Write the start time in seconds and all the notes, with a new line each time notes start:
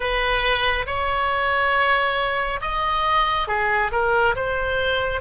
0.00 B4
0.86 C#5
2.61 D#5
3.47 G#4
3.91 A#4
4.35 C5